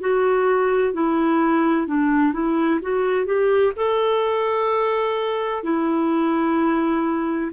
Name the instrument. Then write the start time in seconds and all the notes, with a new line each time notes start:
clarinet
0.00 F#4
0.93 E4
1.87 D4
2.33 E4
2.82 F#4
3.26 G4
3.76 A4
5.63 E4